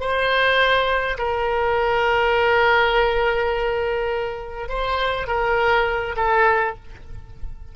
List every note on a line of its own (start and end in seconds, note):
0.00 1.18 C5
1.18 4.69 A#4
4.69 5.28 C5
5.28 6.16 A#4
6.17 6.75 A4